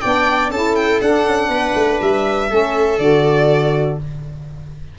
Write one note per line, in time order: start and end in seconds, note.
0.00 0.50 B3
0.00 0.52 D4
0.00 0.50 D5
0.00 0.50 G5
0.50 1.00 C#4
0.50 1.03 E4
0.50 1.50 A4
0.50 0.75 A5
0.75 1.00 G5
1.01 1.25 D4
1.01 2.49 D4
1.01 2.01 F#5
1.25 1.49 C#4
1.49 1.73 B3
1.49 2.49 B4
1.74 1.99 A3
2.01 2.51 G3
2.01 2.99 E5
2.49 2.98 A3
2.49 2.98 C#4
2.49 3.99 A4
2.98 3.97 D3
2.98 3.98 F#4
2.98 3.98 D5